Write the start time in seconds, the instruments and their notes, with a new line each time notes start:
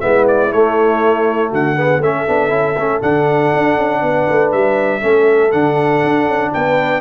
0.00 tuba G#3, trombone B3, horn E4, trumpet E5
0.28 trumpet D5
0.52 tuba A3, trombone A3, trumpet C#5
1.50 tuba D3, horn F#4, trumpet F#5
1.76 trombone B3, horn G#4
1.99 tuba A3, trombone C#4, horn A4, trumpet E5
2.27 tuba B3, trombone D4
2.49 tuba C#4, trombone E4
2.77 tuba A3, trombone C#4
3.01 tuba D3, trombone D4, trumpet F#5
3.54 tuba D4
3.77 tuba C#4
4.02 tuba B3, horn B4
4.29 tuba A3
4.51 tuba G3, trumpet E5
5.00 tuba A3, trombone C#4, horn A4
5.52 tuba D3, trombone D4, trumpet F#5
6.03 tuba D4
6.26 tuba C#4
6.51 tuba B3, horn B4, trumpet G5